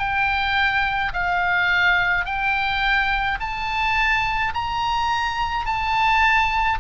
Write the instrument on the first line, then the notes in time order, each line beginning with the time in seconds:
oboe
0.00 G5
1.14 F5
2.26 G5
3.41 A5
4.54 A#5
5.66 A5